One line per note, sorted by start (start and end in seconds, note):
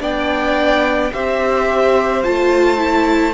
0.00 1.12 B3
0.00 1.11 D4
0.00 1.12 D5
0.00 1.14 G5
1.13 2.25 C4
1.13 2.24 G4
1.13 3.34 C5
1.13 2.24 E5
2.24 3.34 A3
2.24 2.78 F4
2.24 3.34 A5
2.78 3.33 E4